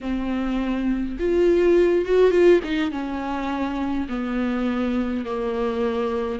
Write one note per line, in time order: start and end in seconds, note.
0.01 1.17 C4
1.19 2.05 F4
2.05 2.31 F#4
2.31 2.60 F4
2.63 2.91 D#4
2.91 4.07 C#4
4.09 5.25 B3
5.25 6.39 A#3